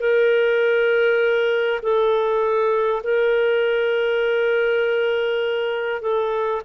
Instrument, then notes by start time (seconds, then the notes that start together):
clarinet
0.00 A#4
1.83 A4
3.03 A#4
6.02 A4